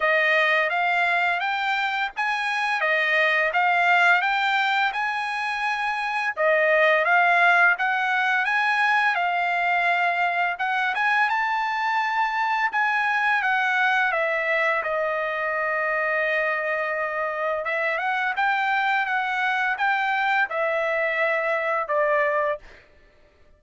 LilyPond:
\new Staff \with { instrumentName = "trumpet" } { \time 4/4 \tempo 4 = 85 dis''4 f''4 g''4 gis''4 | dis''4 f''4 g''4 gis''4~ | gis''4 dis''4 f''4 fis''4 | gis''4 f''2 fis''8 gis''8 |
a''2 gis''4 fis''4 | e''4 dis''2.~ | dis''4 e''8 fis''8 g''4 fis''4 | g''4 e''2 d''4 | }